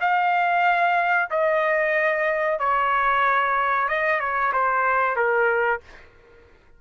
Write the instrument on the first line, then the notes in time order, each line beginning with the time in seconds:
trumpet
0.00 F5
1.30 D#5
2.59 C#5
3.88 D#5
4.20 C#5
4.52 C5
5.16 A#4